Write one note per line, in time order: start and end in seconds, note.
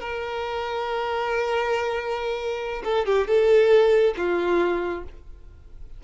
0.00 2.83 A#4
2.84 3.06 A4
3.06 3.27 G4
3.27 4.14 A4
4.17 5.04 F4